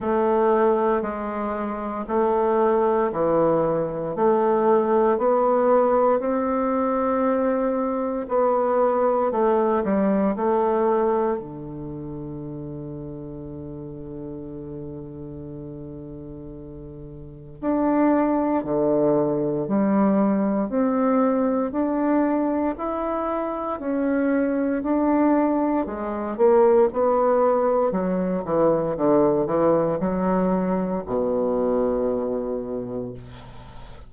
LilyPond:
\new Staff \with { instrumentName = "bassoon" } { \time 4/4 \tempo 4 = 58 a4 gis4 a4 e4 | a4 b4 c'2 | b4 a8 g8 a4 d4~ | d1~ |
d4 d'4 d4 g4 | c'4 d'4 e'4 cis'4 | d'4 gis8 ais8 b4 fis8 e8 | d8 e8 fis4 b,2 | }